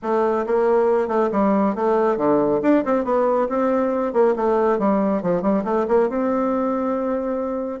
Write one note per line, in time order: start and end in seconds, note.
0.02 0.45 A3
0.46 1.08 A#3
1.08 1.29 A3
1.31 1.75 G3
1.75 2.17 A3
2.17 2.60 D3
2.62 2.83 D4
2.84 3.04 C4
3.04 3.48 B3
3.48 4.13 C4
4.13 4.35 A#3
4.35 4.78 A3
4.78 5.22 G3
5.22 5.42 F3
5.42 5.63 G3
5.64 5.86 A3
5.88 6.09 A#3
6.09 7.80 C4